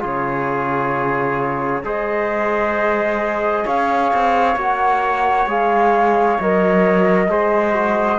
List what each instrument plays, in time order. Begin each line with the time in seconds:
0.00 cello C#3, trombone F4, trumpet G#4, flute C#5
1.83 cello G#3, trombone G#4, trumpet C5, flute D#5
3.65 cello C#4, trumpet C#5, flute F5
4.14 cello C4
4.56 cello A#3, trombone F#4, flute F#5
5.46 cello G#3, trombone G#4, flute F5
6.40 cello F#3, trombone A#4, flute D#5
7.28 cello G#3, trombone G#4, trumpet C5
7.73 trombone F#4